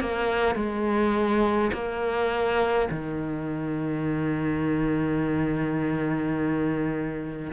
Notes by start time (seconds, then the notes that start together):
0.00 A#3
0.55 G#3
1.73 A#3
2.91 D#3